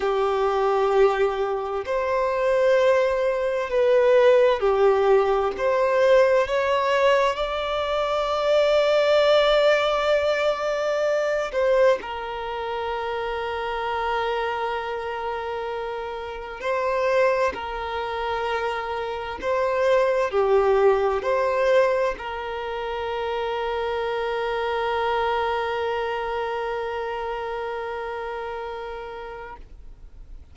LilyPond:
\new Staff \with { instrumentName = "violin" } { \time 4/4 \tempo 4 = 65 g'2 c''2 | b'4 g'4 c''4 cis''4 | d''1~ | d''8 c''8 ais'2.~ |
ais'2 c''4 ais'4~ | ais'4 c''4 g'4 c''4 | ais'1~ | ais'1 | }